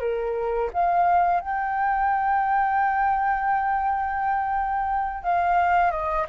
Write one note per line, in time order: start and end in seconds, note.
0.00 0.70 A#4
0.73 1.40 F5
1.40 5.23 G5
5.23 5.91 F5
5.91 6.26 D#5